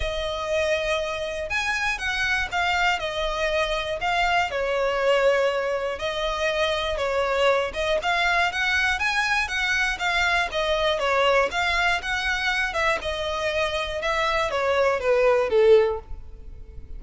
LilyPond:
\new Staff \with { instrumentName = "violin" } { \time 4/4 \tempo 4 = 120 dis''2. gis''4 | fis''4 f''4 dis''2 | f''4 cis''2. | dis''2 cis''4. dis''8 |
f''4 fis''4 gis''4 fis''4 | f''4 dis''4 cis''4 f''4 | fis''4. e''8 dis''2 | e''4 cis''4 b'4 a'4 | }